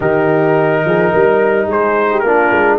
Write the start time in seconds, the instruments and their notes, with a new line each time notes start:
0.00 tuba D#3, trombone D#4, horn G4, trumpet A#4
0.84 tuba F3, horn G#4
1.12 tuba G3, horn A#4
1.66 tuba G#3, horn G#4, trumpet C5
2.11 horn G4
2.19 tuba A#3, trombone D4, horn F4, trumpet A#4
2.51 tuba G#3